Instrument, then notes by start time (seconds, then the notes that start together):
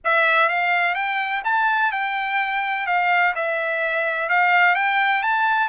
trumpet
0.04 E5
0.48 F5
0.95 G5
1.44 A5
1.92 G5
2.86 F5
3.35 E5
4.29 F5
4.75 G5
5.23 A5